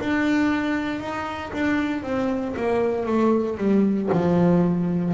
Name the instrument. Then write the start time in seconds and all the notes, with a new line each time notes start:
double bass
0.00 D4
1.00 D#4
1.53 D4
2.03 C4
2.56 A#3
3.06 A3
3.57 G3
4.12 F3